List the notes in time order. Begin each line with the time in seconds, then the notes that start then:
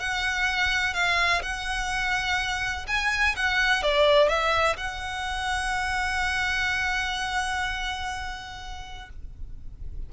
0.00 F#5
0.94 F5
1.42 F#5
2.87 G#5
3.36 F#5
3.83 D5
4.29 E5
4.77 F#5